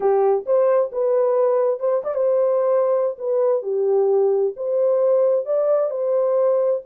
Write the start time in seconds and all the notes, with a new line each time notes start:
0.00 G4
0.45 C5
0.92 B4
1.79 C5
2.04 D5
2.14 C5
3.18 B4
3.62 G4
4.56 C5
5.45 D5
5.90 C5